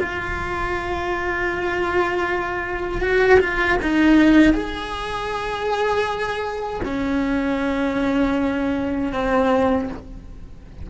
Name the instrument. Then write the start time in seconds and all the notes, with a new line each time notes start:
cello
0.00 F4
3.01 F#4
3.40 F4
3.82 D#4
4.53 G#4
6.85 C#4
9.13 C4